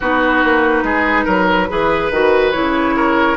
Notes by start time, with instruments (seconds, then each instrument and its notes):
0.00 bassoon B3, clarinet D#4, oboe F#4, flute B4
0.44 bassoon A#3
0.83 bassoon G#3, oboe G#4
1.24 bassoon F#3, oboe A#4
1.69 bassoon E3, clarinet G#4, oboe B4
2.10 bassoon D#3, clarinet F#4
2.51 bassoon C#3, clarinet E4, flute C#5
2.96 oboe A#4